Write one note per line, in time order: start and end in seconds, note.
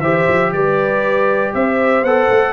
0.00 0.25 E3
0.00 2.05 G4
0.00 0.52 C5
0.00 0.51 E5
0.28 0.53 F3
0.53 1.53 G3
0.53 1.55 B4
0.53 1.53 D5
1.54 2.03 C4
1.54 2.53 C5
1.54 2.04 E5
2.03 2.28 B3
2.03 2.53 A4
2.03 2.53 F#5
2.30 2.53 A3